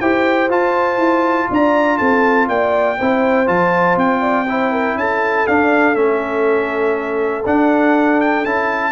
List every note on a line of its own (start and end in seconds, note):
0.00 0.49 E4
0.00 0.49 G4
0.00 1.49 C5
0.00 0.50 G5
0.49 0.98 F4
0.49 2.97 F4
0.49 1.51 A5
0.98 1.47 E4
1.50 2.00 D4
1.50 1.98 D5
1.50 1.98 A#5
1.98 2.48 C4
1.98 2.48 A4
1.98 2.47 A5
2.48 2.98 A#3
2.48 2.98 D5
2.48 3.48 G5
2.98 3.48 C4
2.98 3.46 E4
2.98 4.21 C5
3.46 3.96 F3
3.46 4.45 F4
3.46 3.97 A5
3.96 4.95 C4
3.96 4.98 G5
4.21 4.46 D5
4.49 5.48 E4
4.49 4.72 C5
4.72 4.97 A#4
4.95 5.45 C#4
4.95 8.92 A4
4.95 5.47 A5
5.47 5.95 D4
5.47 5.95 F5
5.95 7.44 A3
5.95 7.43 C#4
5.95 7.44 E5
7.46 8.45 D4
7.46 8.20 F#5
8.21 8.45 G5
8.45 8.92 C#4
8.45 8.92 E4
8.45 8.92 A5